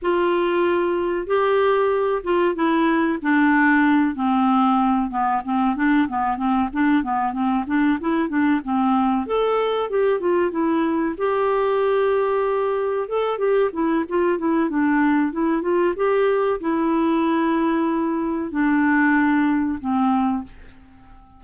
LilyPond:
\new Staff \with { instrumentName = "clarinet" } { \time 4/4 \tempo 4 = 94 f'2 g'4. f'8 | e'4 d'4. c'4. | b8 c'8 d'8 b8 c'8 d'8 b8 c'8 | d'8 e'8 d'8 c'4 a'4 g'8 |
f'8 e'4 g'2~ g'8~ | g'8 a'8 g'8 e'8 f'8 e'8 d'4 | e'8 f'8 g'4 e'2~ | e'4 d'2 c'4 | }